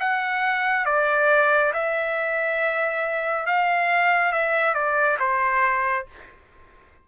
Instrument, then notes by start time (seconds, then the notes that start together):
trumpet
0.00 F#5
0.86 D5
1.74 E5
3.47 F5
4.32 E5
4.74 D5
5.20 C5